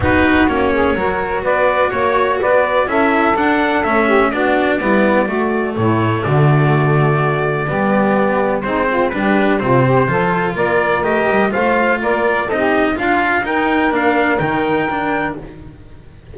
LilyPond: <<
  \new Staff \with { instrumentName = "trumpet" } { \time 4/4 \tempo 4 = 125 b'4 cis''2 d''4 | cis''4 d''4 e''4 fis''4 | e''4 d''2. | cis''4 d''2.~ |
d''2 c''4 b'4 | c''2 d''4 dis''4 | f''4 d''4 dis''4 f''4 | g''4 f''4 g''2 | }
  \new Staff \with { instrumentName = "saxophone" } { \time 4/4 fis'4. gis'8 ais'4 b'4 | cis''4 b'4 a'2~ | a'8 g'8 fis'4 e'4 fis'4 | e'4 fis'2. |
g'2 dis'8 f'8 g'4 | f'8 g'8 a'4 ais'2 | c''4 ais'4 a'16 g'8. f'4 | ais'1 | }
  \new Staff \with { instrumentName = "cello" } { \time 4/4 dis'4 cis'4 fis'2~ | fis'2 e'4 d'4 | cis'4 d'4 b4 a4~ | a1 |
b2 c'4 d'4 | c'4 f'2 g'4 | f'2 dis'4 f'4 | dis'4 d'4 dis'4 d'4 | }
  \new Staff \with { instrumentName = "double bass" } { \time 4/4 b4 ais4 fis4 b4 | ais4 b4 cis'4 d'4 | a4 b4 g4 a4 | a,4 d2. |
g2 gis4 g4 | c4 f4 ais4 a8 g8 | a4 ais4 c'4 d'4 | dis'4 ais4 dis2 | }
>>